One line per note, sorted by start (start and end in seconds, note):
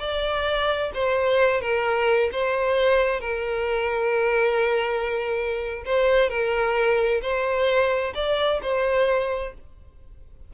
0.00 0.92 D5
0.95 1.61 C5
1.61 2.30 A#4
2.33 3.21 C5
3.21 5.84 A#4
5.86 6.30 C5
6.30 7.22 A#4
7.22 8.14 C5
8.15 8.61 D5
8.63 9.54 C5